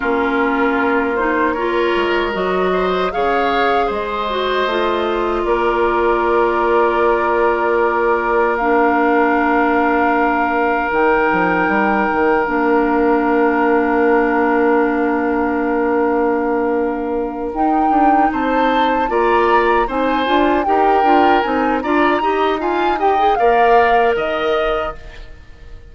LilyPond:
<<
  \new Staff \with { instrumentName = "flute" } { \time 4/4 \tempo 4 = 77 ais'4. c''8 cis''4 dis''4 | f''4 dis''2 d''4~ | d''2. f''4~ | f''2 g''2 |
f''1~ | f''2~ f''8 g''4 a''8~ | a''8 ais''4 gis''4 g''4 gis''8 | ais''4 gis''8 g''8 f''4 dis''4 | }
  \new Staff \with { instrumentName = "oboe" } { \time 4/4 f'2 ais'4. c''8 | cis''4 c''2 ais'4~ | ais'1~ | ais'1~ |
ais'1~ | ais'2.~ ais'8 c''8~ | c''8 d''4 c''4 ais'4. | d''8 dis''8 f''8 dis''8 d''4 dis''4 | }
  \new Staff \with { instrumentName = "clarinet" } { \time 4/4 cis'4. dis'8 f'4 fis'4 | gis'4. fis'8 f'2~ | f'2. d'4~ | d'2 dis'2 |
d'1~ | d'2~ d'8 dis'4.~ | dis'8 f'4 dis'8 f'8 g'8 f'8 dis'8 | f'8 g'8 f'8 g'16 gis'16 ais'2 | }
  \new Staff \with { instrumentName = "bassoon" } { \time 4/4 ais2~ ais8 gis8 fis4 | cis4 gis4 a4 ais4~ | ais1~ | ais2 dis8 f8 g8 dis8 |
ais1~ | ais2~ ais8 dis'8 d'8 c'8~ | c'8 ais4 c'8 d'8 dis'8 d'8 c'8 | d'8 dis'4. ais4 dis4 | }
>>